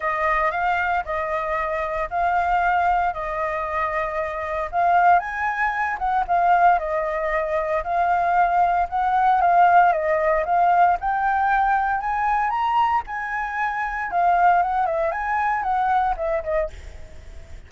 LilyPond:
\new Staff \with { instrumentName = "flute" } { \time 4/4 \tempo 4 = 115 dis''4 f''4 dis''2 | f''2 dis''2~ | dis''4 f''4 gis''4. fis''8 | f''4 dis''2 f''4~ |
f''4 fis''4 f''4 dis''4 | f''4 g''2 gis''4 | ais''4 gis''2 f''4 | fis''8 e''8 gis''4 fis''4 e''8 dis''8 | }